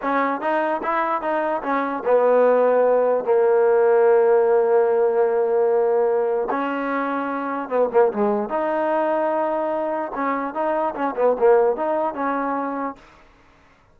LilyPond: \new Staff \with { instrumentName = "trombone" } { \time 4/4 \tempo 4 = 148 cis'4 dis'4 e'4 dis'4 | cis'4 b2. | ais1~ | ais1 |
cis'2. b8 ais8 | gis4 dis'2.~ | dis'4 cis'4 dis'4 cis'8 b8 | ais4 dis'4 cis'2 | }